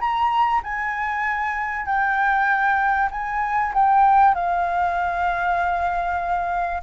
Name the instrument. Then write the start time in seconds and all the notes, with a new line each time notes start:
flute
0.00 A#5
0.63 G#5
1.86 G5
3.11 G#5
3.74 G5
4.35 F5